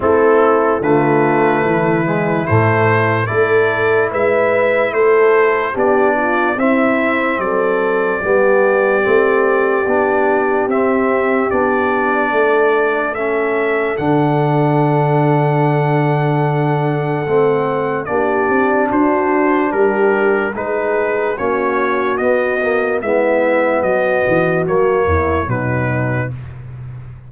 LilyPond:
<<
  \new Staff \with { instrumentName = "trumpet" } { \time 4/4 \tempo 4 = 73 a'4 b'2 c''4 | d''4 e''4 c''4 d''4 | e''4 d''2.~ | d''4 e''4 d''2 |
e''4 fis''2.~ | fis''2 d''4 c''4 | ais'4 b'4 cis''4 dis''4 | e''4 dis''4 cis''4 b'4 | }
  \new Staff \with { instrumentName = "horn" } { \time 4/4 e'4 f'4 e'2 | a'4 b'4 a'4 g'8 f'8 | e'4 a'4 g'2~ | g'2. a'4~ |
a'1~ | a'2 g'4 fis'4 | g'4 gis'4 fis'2 | e'4 fis'4. e'8 dis'4 | }
  \new Staff \with { instrumentName = "trombone" } { \time 4/4 c'4 a4. gis8 a4 | e'2. d'4 | c'2 b4 c'4 | d'4 c'4 d'2 |
cis'4 d'2.~ | d'4 c'4 d'2~ | d'4 dis'4 cis'4 b8 ais8 | b2 ais4 fis4 | }
  \new Staff \with { instrumentName = "tuba" } { \time 4/4 a4 d4 e4 a,4 | a4 gis4 a4 b4 | c'4 fis4 g4 a4 | b4 c'4 b4 a4~ |
a4 d2.~ | d4 a4 ais8 c'8 d'4 | g4 gis4 ais4 b4 | gis4 fis8 e8 fis8 e,8 b,4 | }
>>